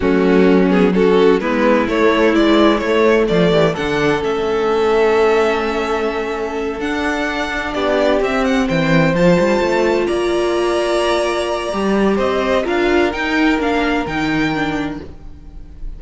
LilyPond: <<
  \new Staff \with { instrumentName = "violin" } { \time 4/4 \tempo 4 = 128 fis'4. gis'8 a'4 b'4 | cis''4 d''4 cis''4 d''4 | fis''4 e''2.~ | e''2~ e''8 fis''4.~ |
fis''8 d''4 e''8 fis''8 g''4 a''8~ | a''4. ais''2~ ais''8~ | ais''2 dis''4 f''4 | g''4 f''4 g''2 | }
  \new Staff \with { instrumentName = "violin" } { \time 4/4 cis'2 fis'4 e'4~ | e'2. f'8 g'8 | a'1~ | a'1~ |
a'8 g'2 c''4.~ | c''4. d''2~ d''8~ | d''2 c''4 ais'4~ | ais'1 | }
  \new Staff \with { instrumentName = "viola" } { \time 4/4 a4. b8 cis'4 b4 | a4 e4 a2 | d'4 cis'2.~ | cis'2~ cis'8 d'4.~ |
d'4. c'2 f'8~ | f'1~ | f'4 g'2 f'4 | dis'4 d'4 dis'4 d'4 | }
  \new Staff \with { instrumentName = "cello" } { \time 4/4 fis2. gis4 | a4 gis4 a4 f8 e8 | d4 a2.~ | a2~ a8 d'4.~ |
d'8 b4 c'4 e4 f8 | g8 a4 ais2~ ais8~ | ais4 g4 c'4 d'4 | dis'4 ais4 dis2 | }
>>